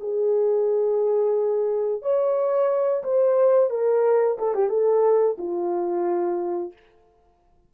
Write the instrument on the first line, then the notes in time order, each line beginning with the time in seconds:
horn
0.00 G#4
2.02 C#5
3.04 C5
3.70 A#4
4.39 A4
4.55 G4
4.69 A4
5.38 F4